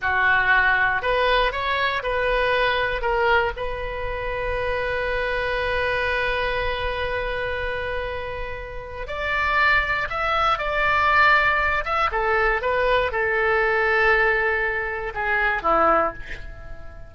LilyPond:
\new Staff \with { instrumentName = "oboe" } { \time 4/4 \tempo 4 = 119 fis'2 b'4 cis''4 | b'2 ais'4 b'4~ | b'1~ | b'1~ |
b'2 d''2 | e''4 d''2~ d''8 e''8 | a'4 b'4 a'2~ | a'2 gis'4 e'4 | }